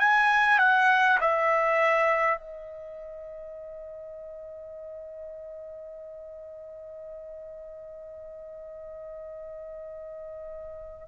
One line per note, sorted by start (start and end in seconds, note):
0.00 0.59 G#5
0.59 1.19 F#5
1.21 2.38 E5
2.38 11.08 D#5